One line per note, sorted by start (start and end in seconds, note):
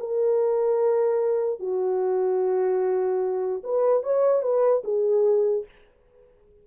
0.00 1.60 A#4
1.60 3.63 F#4
3.64 4.04 B4
4.04 4.43 C#5
4.43 4.83 B4
4.85 5.66 G#4